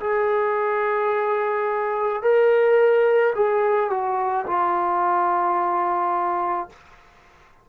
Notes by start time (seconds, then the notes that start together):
0.00 G#4
2.22 A#4
3.35 G#4
3.90 F#4
4.46 F4